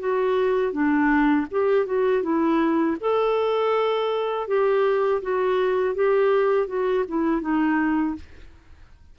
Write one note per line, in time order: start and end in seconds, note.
0.00 0.73 F#4
0.73 1.47 D4
1.51 1.86 G4
1.86 2.23 F#4
2.23 2.97 E4
3.01 4.48 A4
4.48 5.22 G4
5.23 5.95 F#4
5.95 6.68 G4
6.68 7.05 F#4
7.08 7.42 E4
7.42 8.16 D#4